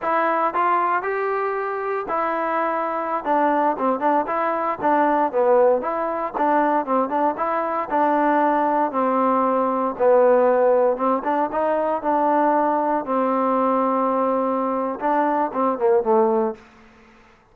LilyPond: \new Staff \with { instrumentName = "trombone" } { \time 4/4 \tempo 4 = 116 e'4 f'4 g'2 | e'2~ e'16 d'4 c'8 d'16~ | d'16 e'4 d'4 b4 e'8.~ | e'16 d'4 c'8 d'8 e'4 d'8.~ |
d'4~ d'16 c'2 b8.~ | b4~ b16 c'8 d'8 dis'4 d'8.~ | d'4~ d'16 c'2~ c'8.~ | c'4 d'4 c'8 ais8 a4 | }